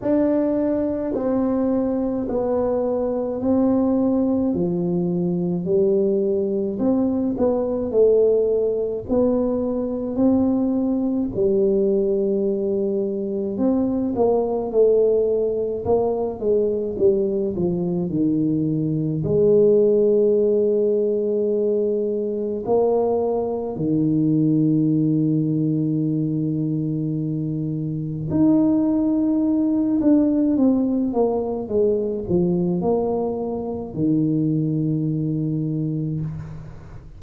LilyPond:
\new Staff \with { instrumentName = "tuba" } { \time 4/4 \tempo 4 = 53 d'4 c'4 b4 c'4 | f4 g4 c'8 b8 a4 | b4 c'4 g2 | c'8 ais8 a4 ais8 gis8 g8 f8 |
dis4 gis2. | ais4 dis2.~ | dis4 dis'4. d'8 c'8 ais8 | gis8 f8 ais4 dis2 | }